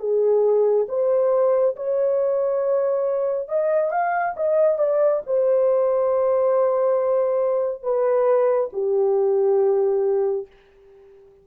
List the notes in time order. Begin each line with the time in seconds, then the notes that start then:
0.00 G#4
0.89 C5
1.76 C#5
3.49 D#5
3.92 F5
4.37 D#5
4.79 D5
5.27 C5
7.83 B4
8.74 G4